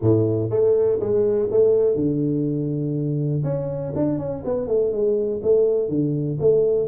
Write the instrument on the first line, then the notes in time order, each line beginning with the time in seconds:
tuba
0.01 A2
0.50 A3
1.00 G#3
1.50 A3
1.95 D3
3.43 C#4
3.95 D4
4.18 C#4
4.44 B3
4.67 A3
4.92 G#3
5.42 A3
5.89 D3
6.40 A3